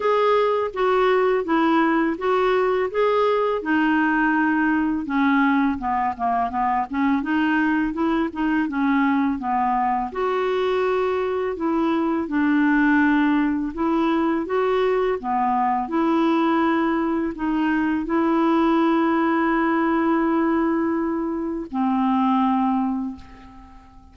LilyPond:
\new Staff \with { instrumentName = "clarinet" } { \time 4/4 \tempo 4 = 83 gis'4 fis'4 e'4 fis'4 | gis'4 dis'2 cis'4 | b8 ais8 b8 cis'8 dis'4 e'8 dis'8 | cis'4 b4 fis'2 |
e'4 d'2 e'4 | fis'4 b4 e'2 | dis'4 e'2.~ | e'2 c'2 | }